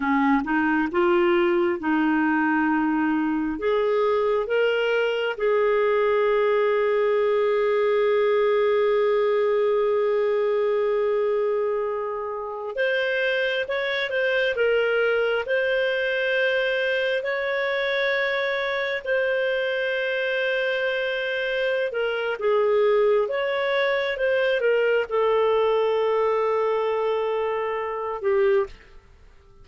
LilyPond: \new Staff \with { instrumentName = "clarinet" } { \time 4/4 \tempo 4 = 67 cis'8 dis'8 f'4 dis'2 | gis'4 ais'4 gis'2~ | gis'1~ | gis'2~ gis'16 c''4 cis''8 c''16~ |
c''16 ais'4 c''2 cis''8.~ | cis''4~ cis''16 c''2~ c''8.~ | c''8 ais'8 gis'4 cis''4 c''8 ais'8 | a'2.~ a'8 g'8 | }